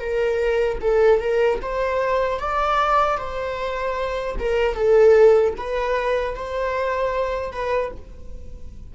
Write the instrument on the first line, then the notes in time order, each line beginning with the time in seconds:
viola
0.00 A#4
0.81 A4
1.20 A#4
1.62 C5
2.39 D5
3.18 C5
4.39 A#4
4.75 A4
5.57 B4
6.35 C5
7.52 B4